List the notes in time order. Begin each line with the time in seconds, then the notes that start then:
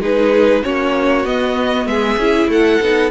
0.00 G#3 D#4 G#4 B4
0.63 A#3 C#4 F#4 C#5
1.25 B3 D#5
1.86 G#3 G#4 E5
2.17 C#4 E4
2.47 A3 A4 F#5
2.82 B3 D#4